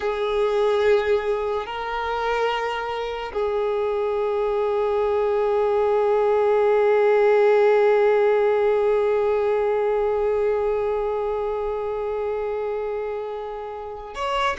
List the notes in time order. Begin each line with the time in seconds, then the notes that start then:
0.00 G#4
1.66 A#4
3.33 G#4
14.14 C#5